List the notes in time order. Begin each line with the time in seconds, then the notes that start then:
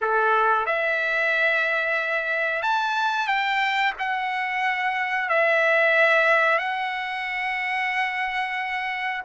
0.01 A4
0.66 E5
2.62 A5
3.27 G5
3.98 F#5
5.29 E5
6.58 F#5